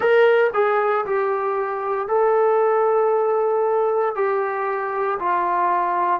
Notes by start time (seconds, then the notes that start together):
0.00 A#4
0.53 G#4
1.05 G4
2.08 A4
4.15 G4
5.19 F4